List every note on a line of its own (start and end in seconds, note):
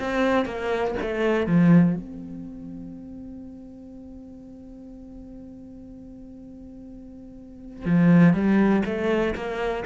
0.00 0.46 C4
0.46 0.95 A#3
1.02 1.47 A3
1.47 1.96 F3
1.96 7.86 C4
7.86 8.34 F3
8.34 8.83 G3
8.86 9.35 A3
9.35 9.85 A#3